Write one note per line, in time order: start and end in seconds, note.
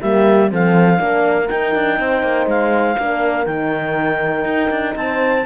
0.00 0.52 G3
0.00 0.49 A#3
0.00 0.50 G4
0.00 0.51 E5
0.49 1.00 F3
0.49 0.97 C4
0.49 0.99 A4
0.49 1.49 F5
0.97 1.50 A#3
0.97 1.46 D4
0.97 1.98 A#4
1.49 2.98 D#4
1.49 1.75 D#4
1.49 2.48 G5
1.75 1.99 D4
1.98 2.23 C4
1.98 2.97 C5
2.23 2.46 A#3
2.46 2.96 G#3
2.46 3.46 F5
2.99 3.47 A#3
2.99 3.45 D4
2.99 4.97 A#4
3.45 4.45 D#3
3.45 5.44 D#4
3.45 4.95 G5
4.45 4.70 D#4
4.70 4.95 D4
4.96 5.45 C4
4.96 5.46 C5
4.96 5.46 A5